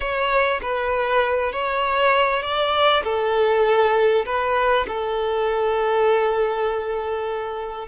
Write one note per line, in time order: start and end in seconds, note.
0.00 0.60 C#5
0.62 1.52 B4
1.52 2.42 C#5
2.42 3.03 D5
3.04 4.25 A4
4.25 4.86 B4
4.87 7.88 A4